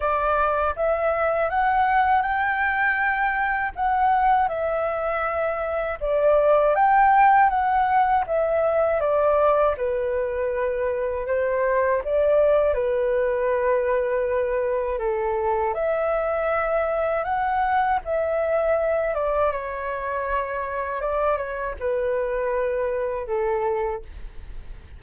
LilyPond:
\new Staff \with { instrumentName = "flute" } { \time 4/4 \tempo 4 = 80 d''4 e''4 fis''4 g''4~ | g''4 fis''4 e''2 | d''4 g''4 fis''4 e''4 | d''4 b'2 c''4 |
d''4 b'2. | a'4 e''2 fis''4 | e''4. d''8 cis''2 | d''8 cis''8 b'2 a'4 | }